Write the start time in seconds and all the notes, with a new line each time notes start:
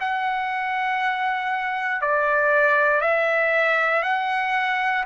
0.00 F#5
2.01 D5
3.01 E5
4.03 F#5